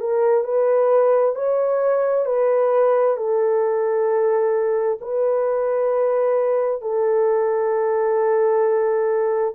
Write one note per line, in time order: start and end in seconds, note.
0.00 0.44 A#4
0.44 1.35 B4
1.35 2.26 C#5
2.26 3.17 B4
3.17 4.99 A4
5.01 6.82 B4
6.82 9.55 A4